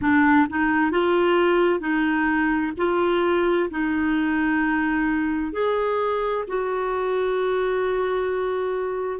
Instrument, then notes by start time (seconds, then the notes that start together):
clarinet
0.01 D4
0.49 D#4
0.91 F4
1.80 D#4
2.77 F4
3.70 D#4
5.52 G#4
6.47 F#4